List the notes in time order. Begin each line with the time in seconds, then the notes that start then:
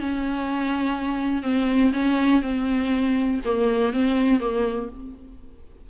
0.00 C#4
1.43 C4
1.93 C#4
2.42 C4
3.45 A#3
3.93 C4
4.40 A#3